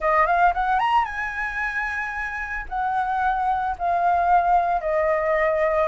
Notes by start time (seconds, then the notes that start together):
0.00 D#5
0.26 F5
0.54 F#5
0.79 A#5
1.04 G#5
2.68 F#5
3.78 F5
4.81 D#5